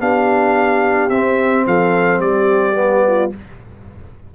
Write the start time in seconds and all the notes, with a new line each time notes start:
0.00 B3 D4 G4 F5
1.10 C4 E5
1.67 F3 A4 F5
2.19 G3 G4 D5
2.75 B3
3.07 F4